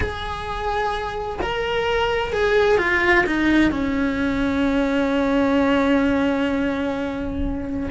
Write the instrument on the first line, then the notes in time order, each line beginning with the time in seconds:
cello
0.00 G#4
1.41 A#4
2.32 G#4
2.78 F4
3.26 D#4
3.71 C#4